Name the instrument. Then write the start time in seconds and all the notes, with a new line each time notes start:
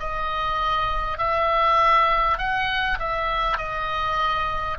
oboe
0.00 D#5
1.18 E5
2.38 F#5
3.00 E5
3.58 D#5